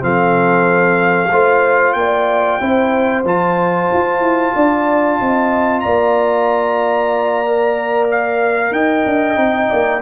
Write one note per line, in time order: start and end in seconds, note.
0.00 1.32 F3
0.00 1.29 C4
0.00 1.32 A4
0.00 1.93 F5
1.32 1.95 A3
1.32 2.61 F4
1.32 1.96 C5
1.93 2.59 A#3
1.93 2.62 D5
1.93 3.22 G5
2.61 3.24 C4
2.61 3.25 E4
2.61 4.55 C5
3.24 3.89 F3
3.24 7.46 F4
3.24 5.81 A5
3.94 4.20 F4
4.20 4.52 E4
4.55 5.20 D4
4.55 5.20 D5
5.20 5.85 C4
5.20 5.84 D#5
5.81 8.72 A#3
5.81 8.74 D5
5.81 8.07 A#5
7.46 9.36 A#4
8.12 8.73 F5
8.72 9.04 D#4
8.72 9.70 D#5
8.72 10.02 G5
9.06 9.37 D4
9.36 9.69 C4
9.36 10.01 D#4
9.70 10.02 A#3
9.70 10.02 D5